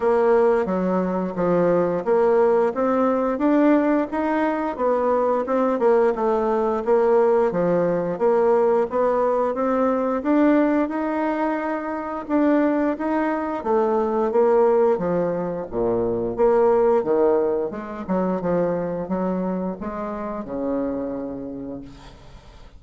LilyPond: \new Staff \with { instrumentName = "bassoon" } { \time 4/4 \tempo 4 = 88 ais4 fis4 f4 ais4 | c'4 d'4 dis'4 b4 | c'8 ais8 a4 ais4 f4 | ais4 b4 c'4 d'4 |
dis'2 d'4 dis'4 | a4 ais4 f4 ais,4 | ais4 dis4 gis8 fis8 f4 | fis4 gis4 cis2 | }